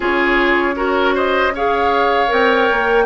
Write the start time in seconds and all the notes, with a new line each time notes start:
0.00 C#4 F4 G#4 C#5
0.75 F#4 A#4
1.14 C5 D#5
1.54 G#4 C#5 F5
2.27 C4 A#4 G5
2.71 A#3